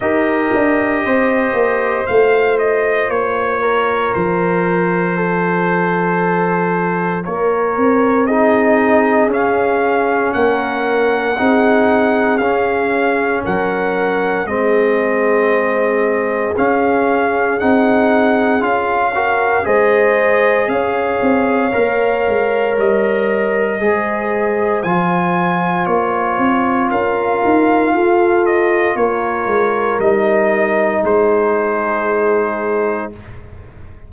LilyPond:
<<
  \new Staff \with { instrumentName = "trumpet" } { \time 4/4 \tempo 4 = 58 dis''2 f''8 dis''8 cis''4 | c''2. cis''4 | dis''4 f''4 fis''2 | f''4 fis''4 dis''2 |
f''4 fis''4 f''4 dis''4 | f''2 dis''2 | gis''4 cis''4 f''4. dis''8 | cis''4 dis''4 c''2 | }
  \new Staff \with { instrumentName = "horn" } { \time 4/4 ais'4 c''2~ c''8 ais'8~ | ais'4 a'2 ais'4 | gis'2 ais'4 gis'4~ | gis'4 ais'4 gis'2~ |
gis'2~ gis'8 ais'8 c''4 | cis''2. c''4~ | c''2 ais'4 a'4 | ais'2 gis'2 | }
  \new Staff \with { instrumentName = "trombone" } { \time 4/4 g'2 f'2~ | f'1 | dis'4 cis'2 dis'4 | cis'2 c'2 |
cis'4 dis'4 f'8 fis'8 gis'4~ | gis'4 ais'2 gis'4 | f'1~ | f'4 dis'2. | }
  \new Staff \with { instrumentName = "tuba" } { \time 4/4 dis'8 d'8 c'8 ais8 a4 ais4 | f2. ais8 c'8~ | c'4 cis'4 ais4 c'4 | cis'4 fis4 gis2 |
cis'4 c'4 cis'4 gis4 | cis'8 c'8 ais8 gis8 g4 gis4 | f4 ais8 c'8 cis'8 dis'8 f'4 | ais8 gis8 g4 gis2 | }
>>